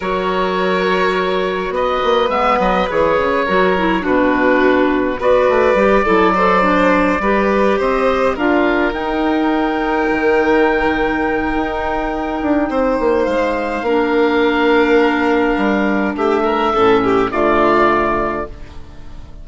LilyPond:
<<
  \new Staff \with { instrumentName = "oboe" } { \time 4/4 \tempo 4 = 104 cis''2. dis''4 | e''8 dis''8 cis''2 b'4~ | b'4 d''2.~ | d''4. dis''4 f''4 g''8~ |
g''1~ | g''2. f''4~ | f''1 | e''2 d''2 | }
  \new Staff \with { instrumentName = "violin" } { \time 4/4 ais'2. b'4~ | b'2 ais'4 fis'4~ | fis'4 b'4. a'8 c''4~ | c''8 b'4 c''4 ais'4.~ |
ais'1~ | ais'2 c''2 | ais'1 | g'8 ais'8 a'8 g'8 f'2 | }
  \new Staff \with { instrumentName = "clarinet" } { \time 4/4 fis'1 | b4 gis'4 fis'8 e'8 d'4~ | d'4 fis'4 g'8 e'8 a'8 d'8~ | d'8 g'2 f'4 dis'8~ |
dis'1~ | dis'1 | d'1~ | d'4 cis'4 a2 | }
  \new Staff \with { instrumentName = "bassoon" } { \time 4/4 fis2. b8 ais8 | gis8 fis8 e8 cis8 fis4 b,4~ | b,4 b8 a8 g8 fis4.~ | fis8 g4 c'4 d'4 dis'8~ |
dis'4. dis2~ dis8 | dis'4. d'8 c'8 ais8 gis4 | ais2. g4 | a4 a,4 d2 | }
>>